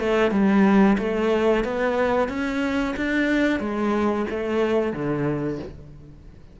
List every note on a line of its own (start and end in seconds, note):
0.00 0.31 A3
0.31 0.97 G3
0.99 1.65 A3
1.65 2.29 B3
2.29 2.95 C#4
2.97 3.60 D4
3.60 4.26 G#3
4.30 4.93 A3
4.93 5.59 D3